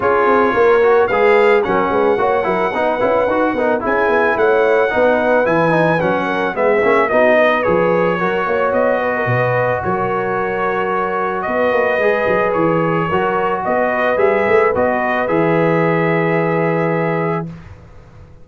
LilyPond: <<
  \new Staff \with { instrumentName = "trumpet" } { \time 4/4 \tempo 4 = 110 cis''2 f''4 fis''4~ | fis''2. gis''4 | fis''2 gis''4 fis''4 | e''4 dis''4 cis''2 |
dis''2 cis''2~ | cis''4 dis''2 cis''4~ | cis''4 dis''4 e''4 dis''4 | e''1 | }
  \new Staff \with { instrumentName = "horn" } { \time 4/4 gis'4 ais'4 b'4 ais'8 b'8 | cis''8 ais'8 b'4. ais'8 gis'4 | cis''4 b'2~ b'8 ais'8 | gis'4 fis'8 b'4. ais'8 cis''8~ |
cis''8 b'16 ais'16 b'4 ais'2~ | ais'4 b'2. | ais'4 b'2.~ | b'1 | }
  \new Staff \with { instrumentName = "trombone" } { \time 4/4 f'4. fis'8 gis'4 cis'4 | fis'8 e'8 dis'8 e'8 fis'8 dis'8 e'4~ | e'4 dis'4 e'8 dis'8 cis'4 | b8 cis'8 dis'4 gis'4 fis'4~ |
fis'1~ | fis'2 gis'2 | fis'2 gis'4 fis'4 | gis'1 | }
  \new Staff \with { instrumentName = "tuba" } { \time 4/4 cis'8 c'8 ais4 gis4 fis8 gis8 | ais8 fis8 b8 cis'8 dis'8 b8 cis'8 b8 | a4 b4 e4 fis4 | gis8 ais8 b4 f4 fis8 ais8 |
b4 b,4 fis2~ | fis4 b8 ais8 gis8 fis8 e4 | fis4 b4 g8 a8 b4 | e1 | }
>>